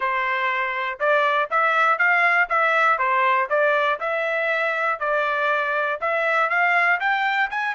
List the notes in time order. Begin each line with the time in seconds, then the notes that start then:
0.00 C5
0.99 D5
1.50 E5
1.98 F5
2.49 E5
2.98 C5
3.49 D5
4.00 E5
4.99 D5
6.00 E5
6.49 F5
7.00 G5
7.50 G#5